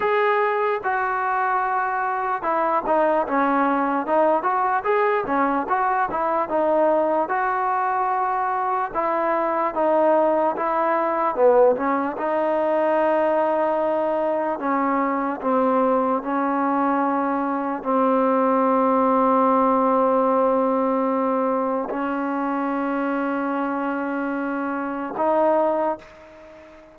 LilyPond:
\new Staff \with { instrumentName = "trombone" } { \time 4/4 \tempo 4 = 74 gis'4 fis'2 e'8 dis'8 | cis'4 dis'8 fis'8 gis'8 cis'8 fis'8 e'8 | dis'4 fis'2 e'4 | dis'4 e'4 b8 cis'8 dis'4~ |
dis'2 cis'4 c'4 | cis'2 c'2~ | c'2. cis'4~ | cis'2. dis'4 | }